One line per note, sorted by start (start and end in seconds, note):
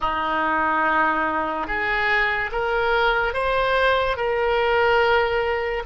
0.00 1.67 D#4
1.67 2.50 G#4
2.52 3.33 A#4
3.33 4.16 C5
4.16 5.83 A#4